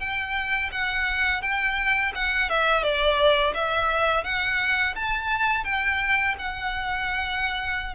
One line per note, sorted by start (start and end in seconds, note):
0.00 0.71 G5
0.72 1.42 F#5
1.42 2.13 G5
2.15 2.50 F#5
2.50 2.83 E5
2.83 3.54 D5
3.55 4.24 E5
4.24 4.95 F#5
4.96 5.65 A5
5.65 6.35 G5
6.39 7.95 F#5